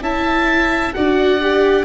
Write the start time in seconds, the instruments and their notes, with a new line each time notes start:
0.00 tuba C#4, viola E4, violin E5, oboe A5
0.94 tuba D4, viola F#4, violin D5, oboe F#5
1.40 viola G4